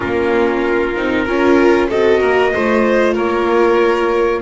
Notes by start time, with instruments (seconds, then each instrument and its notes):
0.00 double bass A#3, viola C#4, violin F4, trumpet A#4
0.95 double bass C4, viola D#4
1.24 double bass C#4, viola F4, violin A#4
1.89 double bass C4, viola F#4, violin A4, trumpet D#5
2.19 double bass A#3, violin A#4
2.54 double bass A3, viola F4, violin C5
3.14 double bass A#3, violin A#4, trumpet C#5